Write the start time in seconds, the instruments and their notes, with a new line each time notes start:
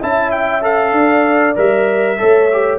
0.00 tuba C#4, trombone E4, horn E5, trumpet A5
0.31 trumpet G5
0.62 trombone A4, trumpet F5
0.93 tuba D4, horn D5
1.55 tuba G3, trombone A#4, trumpet E5
2.18 tuba A3, trombone A4, horn C#5
2.52 trombone G4